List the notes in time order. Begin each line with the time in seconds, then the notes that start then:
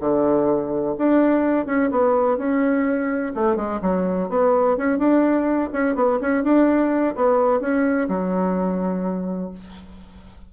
0.00 D3
0.98 D4
1.66 C#4
1.91 B3
2.38 C#4
3.35 A3
3.56 G#3
3.82 F#3
4.30 B3
4.77 C#4
4.98 D4
5.73 C#4
5.95 B3
6.21 C#4
6.44 D4
7.16 B3
7.61 C#4
8.08 F#3